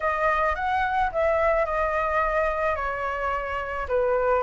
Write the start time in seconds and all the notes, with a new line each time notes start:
0.00 D#5
0.55 F#5
1.12 E5
1.65 D#5
2.75 C#5
3.88 B4